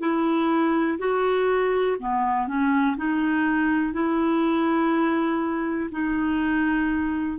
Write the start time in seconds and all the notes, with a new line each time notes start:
0.00 E4
0.98 F#4
1.99 B3
2.47 C#4
2.97 D#4
3.93 E4
5.91 D#4